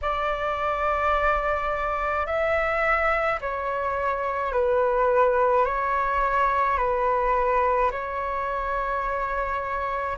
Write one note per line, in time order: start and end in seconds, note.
0.01 2.26 D5
2.26 3.40 E5
3.40 4.52 C#5
4.52 5.65 B4
5.65 6.77 C#5
6.77 7.90 B4
7.91 10.17 C#5